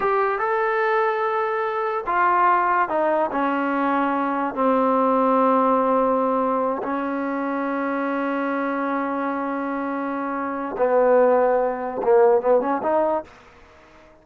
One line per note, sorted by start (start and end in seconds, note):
0.00 0.39 G4
0.39 2.04 A4
2.06 2.89 F4
2.89 3.30 D#4
3.31 4.54 C#4
4.54 6.82 C4
6.82 10.75 C#4
10.77 12.01 B3
12.03 12.41 A#3
12.41 12.60 B3
12.60 12.81 C#4
12.82 13.24 D#4